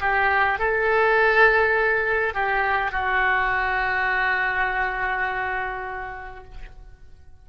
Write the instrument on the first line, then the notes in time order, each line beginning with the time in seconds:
oboe
0.00 G4
0.59 A4
2.34 G4
2.91 F#4